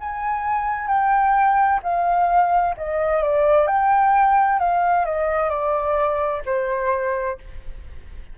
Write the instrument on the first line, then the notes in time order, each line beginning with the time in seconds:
flute
0.00 G#5
0.87 G5
1.83 F5
2.77 D#5
3.22 D5
3.67 G5
4.59 F5
5.05 D#5
5.49 D5
6.45 C5